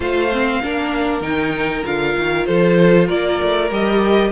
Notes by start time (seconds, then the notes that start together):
0.00 A3 F4 C5 F5
0.32 C4
0.62 A#3 D4 A#4
1.20 D#3 D#4 G5
1.84 D3 F4 F5
2.17 D#3
2.45 F3 A4 C5
3.07 A#3 A#4 D5
3.42 A3
3.70 G3 G4 D#5